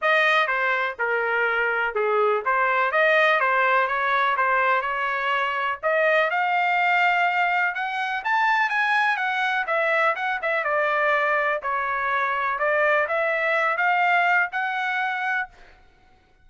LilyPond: \new Staff \with { instrumentName = "trumpet" } { \time 4/4 \tempo 4 = 124 dis''4 c''4 ais'2 | gis'4 c''4 dis''4 c''4 | cis''4 c''4 cis''2 | dis''4 f''2. |
fis''4 a''4 gis''4 fis''4 | e''4 fis''8 e''8 d''2 | cis''2 d''4 e''4~ | e''8 f''4. fis''2 | }